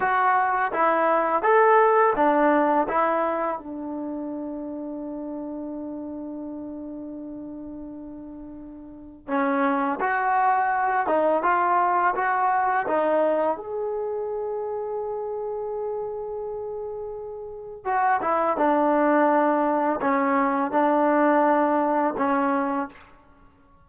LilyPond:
\new Staff \with { instrumentName = "trombone" } { \time 4/4 \tempo 4 = 84 fis'4 e'4 a'4 d'4 | e'4 d'2.~ | d'1~ | d'4 cis'4 fis'4. dis'8 |
f'4 fis'4 dis'4 gis'4~ | gis'1~ | gis'4 fis'8 e'8 d'2 | cis'4 d'2 cis'4 | }